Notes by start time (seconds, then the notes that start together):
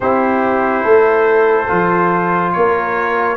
0.00 C4 E4 G4 C5
0.83 A3 A4
1.67 F3 F4
2.52 A#3 A#4 C#5